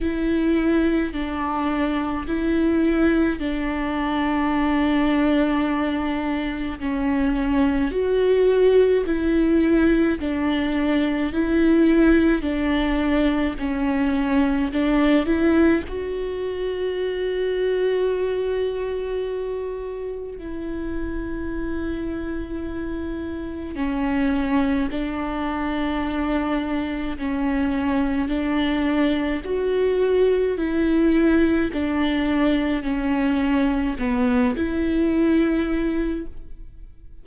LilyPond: \new Staff \with { instrumentName = "viola" } { \time 4/4 \tempo 4 = 53 e'4 d'4 e'4 d'4~ | d'2 cis'4 fis'4 | e'4 d'4 e'4 d'4 | cis'4 d'8 e'8 fis'2~ |
fis'2 e'2~ | e'4 cis'4 d'2 | cis'4 d'4 fis'4 e'4 | d'4 cis'4 b8 e'4. | }